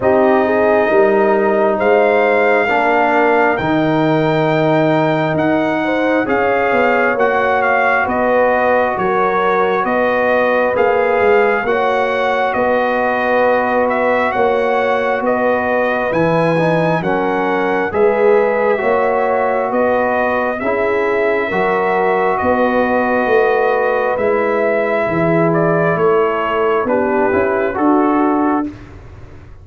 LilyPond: <<
  \new Staff \with { instrumentName = "trumpet" } { \time 4/4 \tempo 4 = 67 dis''2 f''2 | g''2 fis''4 f''4 | fis''8 f''8 dis''4 cis''4 dis''4 | f''4 fis''4 dis''4. e''8 |
fis''4 dis''4 gis''4 fis''4 | e''2 dis''4 e''4~ | e''4 dis''2 e''4~ | e''8 d''8 cis''4 b'4 a'4 | }
  \new Staff \with { instrumentName = "horn" } { \time 4/4 g'8 gis'8 ais'4 c''4 ais'4~ | ais'2~ ais'8 c''8 cis''4~ | cis''4 b'4 ais'4 b'4~ | b'4 cis''4 b'2 |
cis''4 b'2 ais'4 | b'4 cis''4 b'4 gis'4 | ais'4 b'2. | gis'4 a'4 g'4 fis'4 | }
  \new Staff \with { instrumentName = "trombone" } { \time 4/4 dis'2. d'4 | dis'2. gis'4 | fis'1 | gis'4 fis'2.~ |
fis'2 e'8 dis'8 cis'4 | gis'4 fis'2 e'4 | fis'2. e'4~ | e'2 d'8 e'8 fis'4 | }
  \new Staff \with { instrumentName = "tuba" } { \time 4/4 c'4 g4 gis4 ais4 | dis2 dis'4 cis'8 b8 | ais4 b4 fis4 b4 | ais8 gis8 ais4 b2 |
ais4 b4 e4 fis4 | gis4 ais4 b4 cis'4 | fis4 b4 a4 gis4 | e4 a4 b8 cis'8 d'4 | }
>>